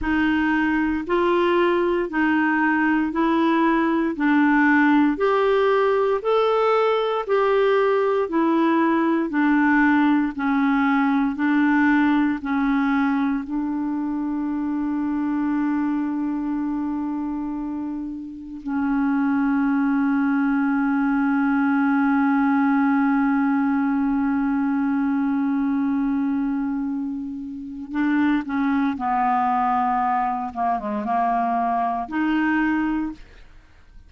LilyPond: \new Staff \with { instrumentName = "clarinet" } { \time 4/4 \tempo 4 = 58 dis'4 f'4 dis'4 e'4 | d'4 g'4 a'4 g'4 | e'4 d'4 cis'4 d'4 | cis'4 d'2.~ |
d'2 cis'2~ | cis'1~ | cis'2. d'8 cis'8 | b4. ais16 gis16 ais4 dis'4 | }